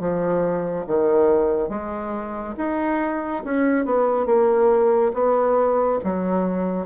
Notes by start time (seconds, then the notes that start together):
0.00 F3
0.86 D#3
1.69 G#3
2.57 D#4
3.44 C#4
3.85 B3
4.26 A#3
5.14 B3
6.04 F#3